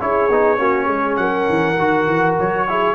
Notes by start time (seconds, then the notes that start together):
0.00 C#4 E4 G#4 C#5
0.29 B3 D#4
0.57 A#3 C#4 F#4
0.85 G#3 G#4
1.16 F#3 A#4 F#5
1.49 E3
1.78 D#3 F#4
2.07 E3
2.39 F#3 C#5
2.68 E4 G#4